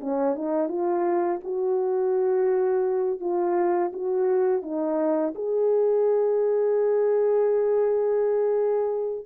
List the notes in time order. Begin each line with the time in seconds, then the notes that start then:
0.00 C#4
0.35 D#4
0.68 F4
1.43 F#4
3.20 F4
3.93 F#4
4.62 D#4
5.34 G#4